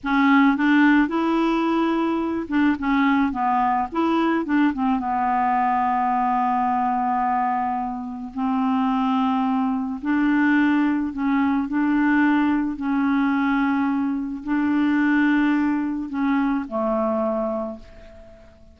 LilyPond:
\new Staff \with { instrumentName = "clarinet" } { \time 4/4 \tempo 4 = 108 cis'4 d'4 e'2~ | e'8 d'8 cis'4 b4 e'4 | d'8 c'8 b2.~ | b2. c'4~ |
c'2 d'2 | cis'4 d'2 cis'4~ | cis'2 d'2~ | d'4 cis'4 a2 | }